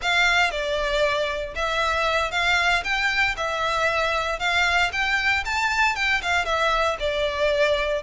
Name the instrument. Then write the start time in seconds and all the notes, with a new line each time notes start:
violin
0.02 F5
0.50 D5
1.55 E5
2.31 F5
2.84 G5
3.36 E5
4.39 F5
4.92 G5
5.45 A5
5.95 G5
6.22 F5
6.45 E5
6.99 D5